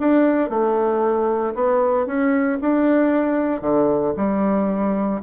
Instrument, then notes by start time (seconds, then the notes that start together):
bassoon
0.00 D4
0.50 A3
1.55 B3
2.07 C#4
2.61 D4
3.61 D3
4.17 G3